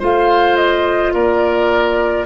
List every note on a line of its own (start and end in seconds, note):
0.00 1.14 A3
0.00 2.26 F4
0.00 1.13 C5
0.00 0.57 F5
0.57 1.13 D#5
1.14 2.26 A#3
1.14 2.26 A#4
1.14 2.26 D5